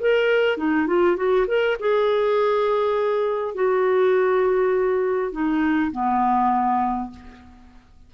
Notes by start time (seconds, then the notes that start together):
0.00 A#4
0.57 D#4
0.87 F4
1.16 F#4
1.47 A#4
1.80 G#4
3.54 F#4
5.32 D#4
5.92 B3